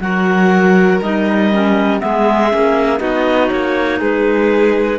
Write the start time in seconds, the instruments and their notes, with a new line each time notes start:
0.00 cello F#3, clarinet F#4 F#5, violin A#4
1.01 cello G3, clarinet D#4 D#5
1.52 clarinet C#4
1.99 cello G#3, clarinet B3 E5, violin G#4
2.50 cello A#3, clarinet C#4
2.98 cello B3, clarinet D#4 D#5, violin F#4
3.50 cello A#3, clarinet C#5
3.99 cello G#3, violin G#4, clarinet B4